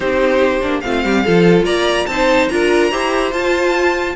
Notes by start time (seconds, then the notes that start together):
0.00 C4 D#4 G4 C5
0.61 A#3 D4
0.80 A3 C4 F4 F5
1.04 G3 G4
1.24 F3 F4 A4
1.64 A#3 D5 A#5
2.06 C4 D#4 C5 A5
2.48 D4 F4 A#4 A#5
2.90 E4 G4 C5
3.32 F4 A5